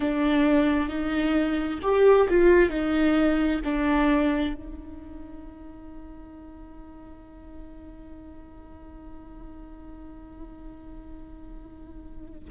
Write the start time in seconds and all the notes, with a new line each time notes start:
0.00 D4
0.88 D#4
1.82 G4
2.29 F4
2.69 D#4
3.64 D4
4.54 D#4